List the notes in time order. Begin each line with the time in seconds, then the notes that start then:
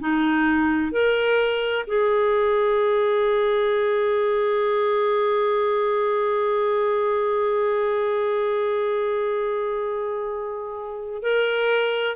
0.00 D#4
0.92 A#4
1.87 G#4
11.23 A#4